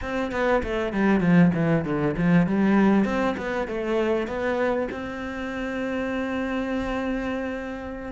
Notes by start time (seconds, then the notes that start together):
0.01 C4
0.31 B3
0.63 A3
0.92 G3
1.20 F3
1.54 E3
1.85 D3
2.17 F3
2.46 G3
3.04 C4
3.37 B3
3.67 A3
4.27 B3
4.91 C4